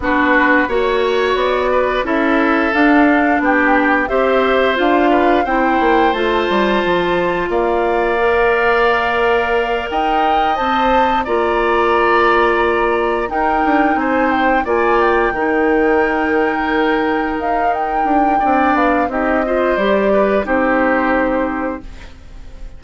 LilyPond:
<<
  \new Staff \with { instrumentName = "flute" } { \time 4/4 \tempo 4 = 88 b'4 cis''4 d''4 e''4 | f''4 g''4 e''4 f''4 | g''4 a''2 f''4~ | f''2~ f''8 g''4 a''8~ |
a''8 ais''2. g''8~ | g''8 gis''8 g''8 gis''8 g''2~ | g''4. f''8 g''4. f''8 | dis''4 d''4 c''2 | }
  \new Staff \with { instrumentName = "oboe" } { \time 4/4 fis'4 cis''4. b'8 a'4~ | a'4 g'4 c''4. b'8 | c''2. d''4~ | d''2~ d''8 dis''4.~ |
dis''8 d''2. ais'8~ | ais'8 c''4 d''4 ais'4.~ | ais'2. d''4 | g'8 c''4 b'8 g'2 | }
  \new Staff \with { instrumentName = "clarinet" } { \time 4/4 d'4 fis'2 e'4 | d'2 g'4 f'4 | e'4 f'2. | ais'2.~ ais'8 c''8~ |
c''8 f'2. dis'8~ | dis'4. f'4 dis'4.~ | dis'2. d'4 | dis'8 f'8 g'4 dis'2 | }
  \new Staff \with { instrumentName = "bassoon" } { \time 4/4 b4 ais4 b4 cis'4 | d'4 b4 c'4 d'4 | c'8 ais8 a8 g8 f4 ais4~ | ais2~ ais8 dis'4 c'8~ |
c'8 ais2. dis'8 | d'8 c'4 ais4 dis4.~ | dis4. dis'4 d'8 c'8 b8 | c'4 g4 c'2 | }
>>